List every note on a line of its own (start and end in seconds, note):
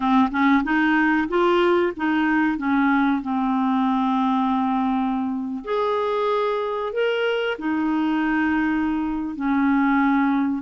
0.00 0.29 C4
0.31 0.63 C#4
0.63 1.28 D#4
1.28 1.92 F4
1.96 2.57 D#4
2.57 3.22 C#4
3.22 5.64 C4
5.64 6.92 G#4
6.92 7.57 A#4
7.58 9.35 D#4
9.35 10.62 C#4